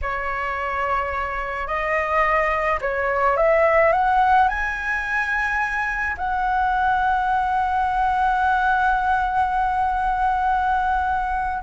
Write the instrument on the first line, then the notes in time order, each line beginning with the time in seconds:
flute
0.01 C#5
1.67 D#5
2.81 C#5
3.36 E5
3.92 F#5
4.48 G#5
6.17 F#5